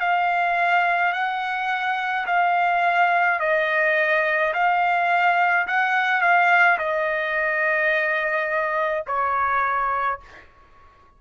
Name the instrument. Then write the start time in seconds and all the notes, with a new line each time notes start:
trumpet
0.00 F5
1.13 F#5
2.26 F5
3.40 D#5
4.53 F5
5.67 F#5
6.21 F5
6.78 D#5
9.07 C#5